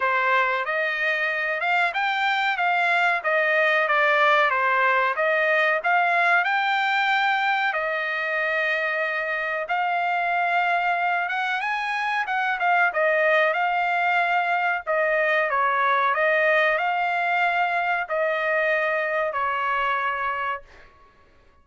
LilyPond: \new Staff \with { instrumentName = "trumpet" } { \time 4/4 \tempo 4 = 93 c''4 dis''4. f''8 g''4 | f''4 dis''4 d''4 c''4 | dis''4 f''4 g''2 | dis''2. f''4~ |
f''4. fis''8 gis''4 fis''8 f''8 | dis''4 f''2 dis''4 | cis''4 dis''4 f''2 | dis''2 cis''2 | }